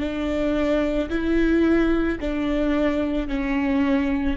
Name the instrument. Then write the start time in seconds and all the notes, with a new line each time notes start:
viola
0.00 D4
1.10 E4
2.21 D4
3.28 C#4